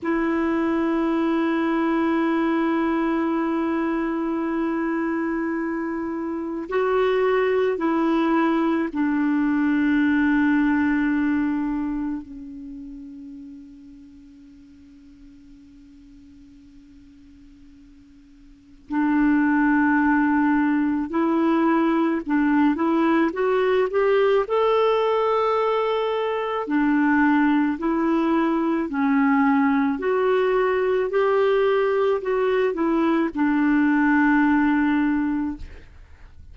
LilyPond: \new Staff \with { instrumentName = "clarinet" } { \time 4/4 \tempo 4 = 54 e'1~ | e'2 fis'4 e'4 | d'2. cis'4~ | cis'1~ |
cis'4 d'2 e'4 | d'8 e'8 fis'8 g'8 a'2 | d'4 e'4 cis'4 fis'4 | g'4 fis'8 e'8 d'2 | }